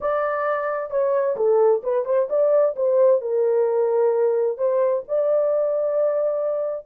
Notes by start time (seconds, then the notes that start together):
0.00 D5
0.90 C#5
1.36 A4
1.83 B4
2.05 C5
2.29 D5
2.76 C5
3.21 A#4
4.57 C5
5.08 D5